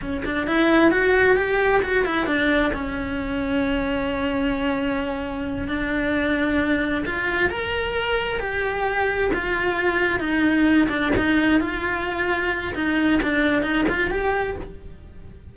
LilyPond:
\new Staff \with { instrumentName = "cello" } { \time 4/4 \tempo 4 = 132 cis'8 d'8 e'4 fis'4 g'4 | fis'8 e'8 d'4 cis'2~ | cis'1~ | cis'8 d'2. f'8~ |
f'8 ais'2 g'4.~ | g'8 f'2 dis'4. | d'8 dis'4 f'2~ f'8 | dis'4 d'4 dis'8 f'8 g'4 | }